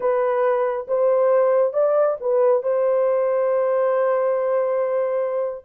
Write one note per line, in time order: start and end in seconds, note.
0.00 0.87 B4
0.87 1.73 C5
1.73 2.16 D5
2.20 2.62 B4
2.62 5.64 C5